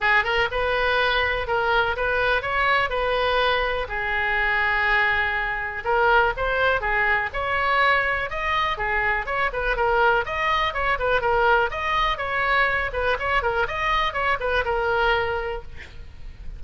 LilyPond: \new Staff \with { instrumentName = "oboe" } { \time 4/4 \tempo 4 = 123 gis'8 ais'8 b'2 ais'4 | b'4 cis''4 b'2 | gis'1 | ais'4 c''4 gis'4 cis''4~ |
cis''4 dis''4 gis'4 cis''8 b'8 | ais'4 dis''4 cis''8 b'8 ais'4 | dis''4 cis''4. b'8 cis''8 ais'8 | dis''4 cis''8 b'8 ais'2 | }